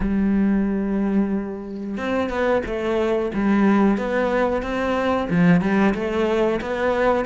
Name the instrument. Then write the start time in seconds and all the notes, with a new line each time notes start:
cello
0.00 G3
1.97 C4
2.29 B3
2.66 A3
3.34 G3
3.97 B3
4.62 C4
5.30 F3
5.61 G3
5.94 A3
6.61 B3